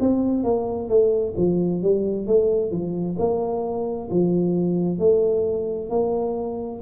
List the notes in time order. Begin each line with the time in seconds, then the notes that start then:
0.00 C4
0.44 A#3
0.89 A3
1.37 F3
1.82 G3
2.27 A3
2.71 F3
3.19 A#3
4.11 F3
4.99 A3
5.90 A#3